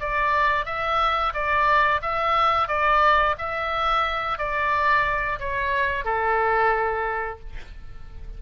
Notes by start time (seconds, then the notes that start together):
0.00 D5
0.66 E5
1.34 D5
2.02 E5
2.68 D5
3.38 E5
4.38 D5
5.40 C#5
6.05 A4